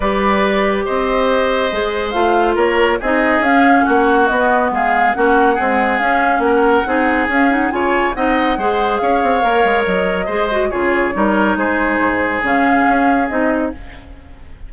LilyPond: <<
  \new Staff \with { instrumentName = "flute" } { \time 4/4 \tempo 4 = 140 d''2 dis''2~ | dis''4 f''4 cis''4 dis''4 | f''4 fis''4 dis''4 f''4 | fis''2 f''4 fis''4~ |
fis''4 f''8 fis''8 gis''4 fis''4~ | fis''4 f''2 dis''4~ | dis''4 cis''2 c''4~ | c''4 f''2 dis''4 | }
  \new Staff \with { instrumentName = "oboe" } { \time 4/4 b'2 c''2~ | c''2 ais'4 gis'4~ | gis'4 fis'2 gis'4 | fis'4 gis'2 ais'4 |
gis'2 cis''4 dis''4 | c''4 cis''2. | c''4 gis'4 ais'4 gis'4~ | gis'1 | }
  \new Staff \with { instrumentName = "clarinet" } { \time 4/4 g'1 | gis'4 f'2 dis'4 | cis'2 b2 | cis'4 gis4 cis'2 |
dis'4 cis'8 dis'8 f'4 dis'4 | gis'2 ais'2 | gis'8 fis'8 f'4 dis'2~ | dis'4 cis'2 dis'4 | }
  \new Staff \with { instrumentName = "bassoon" } { \time 4/4 g2 c'2 | gis4 a4 ais4 c'4 | cis'4 ais4 b4 gis4 | ais4 c'4 cis'4 ais4 |
c'4 cis'4 cis4 c'4 | gis4 cis'8 c'8 ais8 gis8 fis4 | gis4 cis4 g4 gis4 | gis,4 cis4 cis'4 c'4 | }
>>